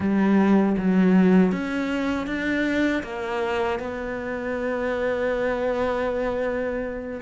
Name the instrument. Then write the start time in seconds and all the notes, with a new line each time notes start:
cello
0.00 G3
0.77 F#3
1.52 C#4
2.26 D4
3.03 A#3
3.79 B3